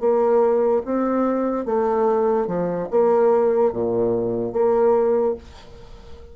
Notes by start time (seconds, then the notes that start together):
0.00 A#3
0.85 C4
1.66 A3
2.47 F3
2.91 A#3
3.72 A#2
4.53 A#3